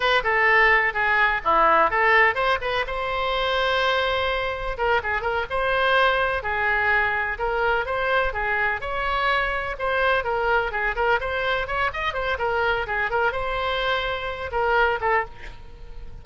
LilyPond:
\new Staff \with { instrumentName = "oboe" } { \time 4/4 \tempo 4 = 126 b'8 a'4. gis'4 e'4 | a'4 c''8 b'8 c''2~ | c''2 ais'8 gis'8 ais'8 c''8~ | c''4. gis'2 ais'8~ |
ais'8 c''4 gis'4 cis''4.~ | cis''8 c''4 ais'4 gis'8 ais'8 c''8~ | c''8 cis''8 dis''8 c''8 ais'4 gis'8 ais'8 | c''2~ c''8 ais'4 a'8 | }